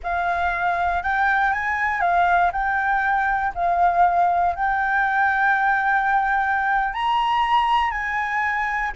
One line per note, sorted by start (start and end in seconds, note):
0.03 1.02 F5
1.02 1.52 G5
1.52 2.00 G#5
2.00 2.51 F5
2.51 3.52 G5
3.54 4.55 F5
4.55 6.93 G5
6.93 7.90 A#5
7.90 8.91 G#5